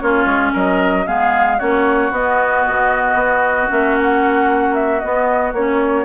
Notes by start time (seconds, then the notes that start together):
0.00 A#3 C#4 F4 C#5
0.26 G#3
0.53 F#3 A#4 D#5
1.07 G#3 B3 G#4 F5
1.58 A#3 C#4 F#4 C#5
2.11 B3 D#5
2.68 B2
3.15 B3
3.69 A#3 C#4 E5
3.98 F#5
4.75 E5
5.00 B3 D#5
5.53 A#3 C#4 C#5